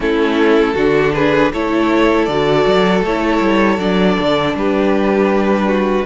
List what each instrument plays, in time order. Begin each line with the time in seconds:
0.00 cello A3, viola C#4, violin E4 A4
0.74 cello D3, viola D4, violin F#4
1.13 violin G#4 B4
1.52 cello A3, viola E4, violin A4 C#5
2.25 cello D3, viola F#4, violin D5
2.66 cello F#3
3.01 cello A3, viola E4, violin C#5
3.40 cello G3
3.78 cello F#3, viola D4, violin D5
4.19 cello D3
4.54 cello G3, violin G4 B4
5.67 violin F#4